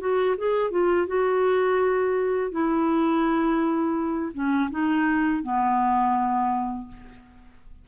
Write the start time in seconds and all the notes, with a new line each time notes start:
0.00 F#4
0.38 G#4
0.71 F4
1.07 F#4
2.51 E4
4.34 C#4
4.71 D#4
5.43 B3